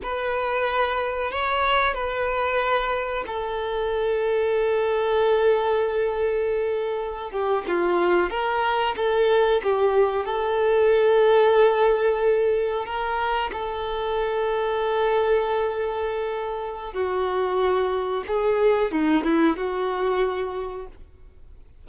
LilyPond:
\new Staff \with { instrumentName = "violin" } { \time 4/4 \tempo 4 = 92 b'2 cis''4 b'4~ | b'4 a'2.~ | a'2.~ a'16 g'8 f'16~ | f'8. ais'4 a'4 g'4 a'16~ |
a'2.~ a'8. ais'16~ | ais'8. a'2.~ a'16~ | a'2 fis'2 | gis'4 dis'8 e'8 fis'2 | }